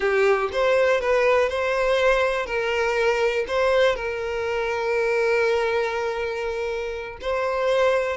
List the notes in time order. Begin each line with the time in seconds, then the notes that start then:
0.00 G4
0.52 C5
1.00 B4
1.49 C5
2.46 A#4
3.47 C5
3.95 A#4
7.21 C5